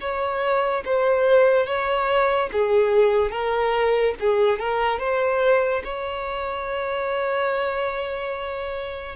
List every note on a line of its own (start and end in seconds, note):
0.00 0.83 C#5
0.85 1.66 C5
1.66 2.49 C#5
2.52 3.31 G#4
3.31 4.14 A#4
4.19 4.59 G#4
4.59 4.99 A#4
4.99 5.82 C5
5.84 9.15 C#5